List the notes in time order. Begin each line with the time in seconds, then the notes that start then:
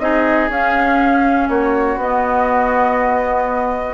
0.00 C4 D#4 G#4 D#5
0.49 C#4 F5
1.49 A#3 F#4 C#5
1.97 B3 D#5